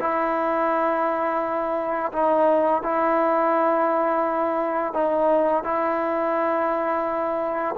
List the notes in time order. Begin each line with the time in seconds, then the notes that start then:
0.00 E4
2.12 D#4
2.83 E4
4.93 D#4
5.64 E4